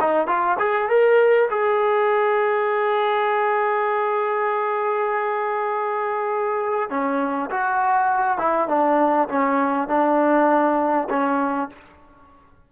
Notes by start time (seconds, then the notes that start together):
0.00 D#4
0.27 F4
0.59 G#4
0.89 A#4
1.50 G#4
6.89 C#4
7.50 F#4
8.38 E4
8.68 D4
9.28 C#4
9.88 D4
11.09 C#4